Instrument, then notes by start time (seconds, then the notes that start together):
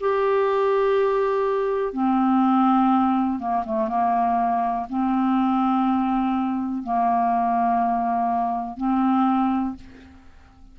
clarinet
0.00 G4
1.93 C4
3.39 A#3
3.65 A3
3.88 A#3
4.89 C4
6.83 A#3
8.77 C4